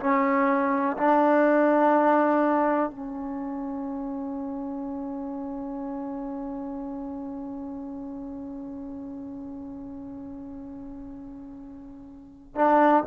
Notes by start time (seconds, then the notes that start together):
0.00 C#4
0.97 D4
2.90 C#4
12.55 D4